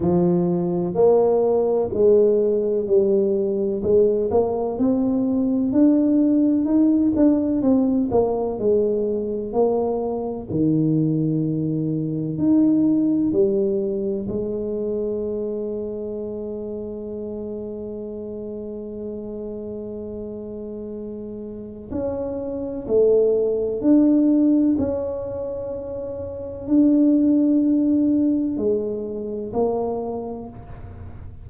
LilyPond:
\new Staff \with { instrumentName = "tuba" } { \time 4/4 \tempo 4 = 63 f4 ais4 gis4 g4 | gis8 ais8 c'4 d'4 dis'8 d'8 | c'8 ais8 gis4 ais4 dis4~ | dis4 dis'4 g4 gis4~ |
gis1~ | gis2. cis'4 | a4 d'4 cis'2 | d'2 gis4 ais4 | }